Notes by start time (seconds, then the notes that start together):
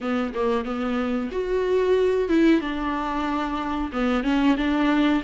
0.00 B3
0.34 A#3
0.64 B3
1.31 F#4
2.28 E4
2.61 D4
3.92 B3
4.23 C#4
4.57 D4